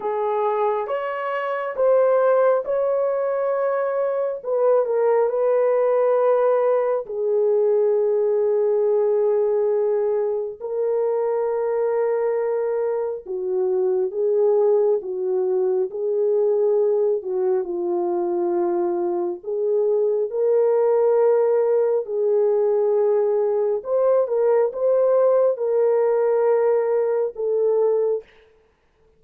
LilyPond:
\new Staff \with { instrumentName = "horn" } { \time 4/4 \tempo 4 = 68 gis'4 cis''4 c''4 cis''4~ | cis''4 b'8 ais'8 b'2 | gis'1 | ais'2. fis'4 |
gis'4 fis'4 gis'4. fis'8 | f'2 gis'4 ais'4~ | ais'4 gis'2 c''8 ais'8 | c''4 ais'2 a'4 | }